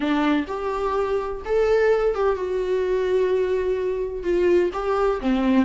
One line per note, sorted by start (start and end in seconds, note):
0.00 0.45 D4
0.47 1.42 G4
1.45 2.14 A4
2.14 2.36 G4
2.36 4.23 F#4
4.23 4.70 F4
4.73 5.20 G4
5.20 5.65 C4